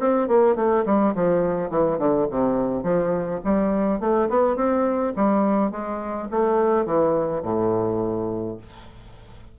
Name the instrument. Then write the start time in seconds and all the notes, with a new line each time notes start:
bassoon
0.00 C4
0.28 A#3
0.56 A3
0.86 G3
1.15 F3
1.70 E3
1.99 D3
2.31 C3
2.84 F3
3.45 G3
4.01 A3
4.30 B3
4.57 C4
5.16 G3
5.72 G#3
6.31 A3
6.86 E3
7.43 A2